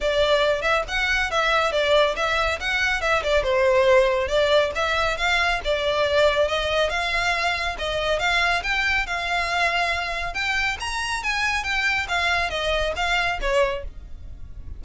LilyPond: \new Staff \with { instrumentName = "violin" } { \time 4/4 \tempo 4 = 139 d''4. e''8 fis''4 e''4 | d''4 e''4 fis''4 e''8 d''8 | c''2 d''4 e''4 | f''4 d''2 dis''4 |
f''2 dis''4 f''4 | g''4 f''2. | g''4 ais''4 gis''4 g''4 | f''4 dis''4 f''4 cis''4 | }